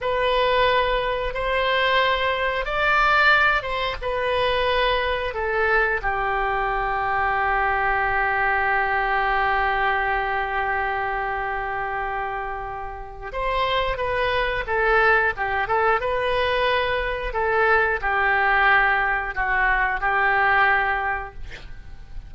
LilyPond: \new Staff \with { instrumentName = "oboe" } { \time 4/4 \tempo 4 = 90 b'2 c''2 | d''4. c''8 b'2 | a'4 g'2.~ | g'1~ |
g'1 | c''4 b'4 a'4 g'8 a'8 | b'2 a'4 g'4~ | g'4 fis'4 g'2 | }